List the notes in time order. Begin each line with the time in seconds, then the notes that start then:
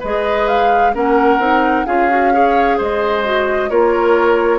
0.00 G#3 G#4 B4 D#5
0.48 F5
0.94 A#3 C#4 A#4 F#5
1.39 C4 D#4
1.86 C#4 F4 G#4 F5
2.10 F#4
2.33 G#4 C#5
2.78 G#3 C5 D#5
3.24 F#4
3.70 A#3 F4 A#4 C#5